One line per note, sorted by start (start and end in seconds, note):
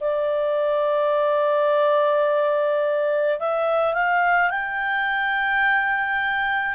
0.00 3.39 D5
3.39 3.93 E5
3.93 4.50 F5
4.50 6.74 G5